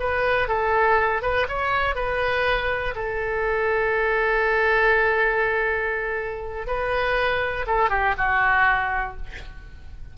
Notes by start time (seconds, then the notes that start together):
0.00 B4
0.48 A4
1.22 B4
1.49 C#5
1.95 B4
2.95 A4
6.67 B4
7.67 A4
7.90 G4
8.18 F#4